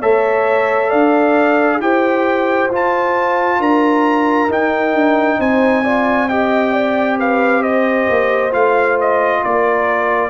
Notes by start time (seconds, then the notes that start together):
0.00 A3 A4 C#5 E5
0.89 D4 D5 F5
1.79 E4 G4 C5 G5
2.70 F4 A5
3.58 D4 A#4 A#5
4.48 D#4 G5
4.93 D4
5.38 C4 C5 G#5
5.83 F4 D5
6.28 G4 D#5 G5
6.72 D5
7.18 B4 F5
7.62 C5 D#5
8.09 A#3
8.51 A3 F4 F5
9.00 D#5
9.43 A#3 A#4 D5